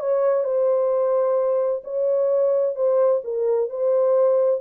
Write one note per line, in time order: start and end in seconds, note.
0.00 0.44 C#5
0.44 1.83 C5
1.84 2.75 C#5
2.75 3.22 C5
3.24 3.70 A#4
3.70 4.61 C5